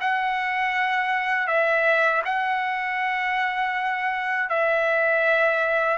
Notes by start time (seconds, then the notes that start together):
0.00 F#5
1.47 E5
2.25 F#5
4.49 E5